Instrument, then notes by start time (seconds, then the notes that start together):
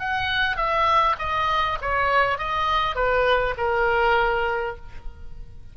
oboe
0.00 F#5
0.57 E5
1.19 D#5
1.82 C#5
2.39 D#5
2.96 B4
3.58 A#4